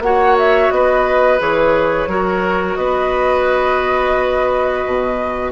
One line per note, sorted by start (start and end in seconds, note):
0.00 0.69 A#3
0.00 1.39 F#4
0.00 0.74 C#5
0.00 0.37 F#5
0.39 0.71 E5
0.71 1.40 B3
0.71 2.10 B4
0.71 1.40 D#5
1.39 2.07 E3
1.39 2.08 G#4
1.39 2.76 C#5
2.07 2.76 F#3
2.07 5.52 F#4
2.07 2.78 A#4
2.76 4.85 B3
2.76 5.52 B4
2.76 5.51 D#5
4.86 5.52 B2